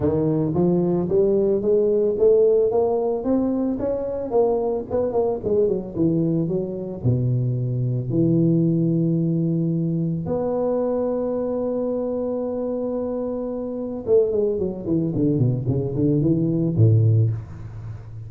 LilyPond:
\new Staff \with { instrumentName = "tuba" } { \time 4/4 \tempo 4 = 111 dis4 f4 g4 gis4 | a4 ais4 c'4 cis'4 | ais4 b8 ais8 gis8 fis8 e4 | fis4 b,2 e4~ |
e2. b4~ | b1~ | b2 a8 gis8 fis8 e8 | d8 b,8 cis8 d8 e4 a,4 | }